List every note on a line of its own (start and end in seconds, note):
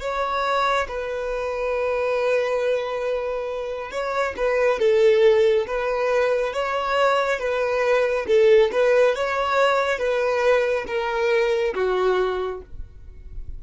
0.00 0.87 C#5
0.88 3.91 B4
3.91 4.34 C#5
4.37 4.79 B4
4.79 5.66 A4
5.67 6.53 B4
6.53 7.39 C#5
7.39 8.26 B4
8.27 8.70 A4
8.72 9.15 B4
9.15 9.98 C#5
9.98 10.85 B4
10.87 11.74 A#4
11.74 12.61 F#4